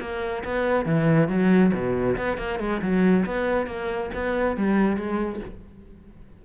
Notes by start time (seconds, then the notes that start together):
0.00 A#3
0.44 B3
0.85 E3
1.29 F#3
1.73 B2
2.17 B3
2.38 A#3
2.59 G#3
2.82 F#3
3.26 B3
3.67 A#3
4.14 B3
4.57 G3
4.97 G#3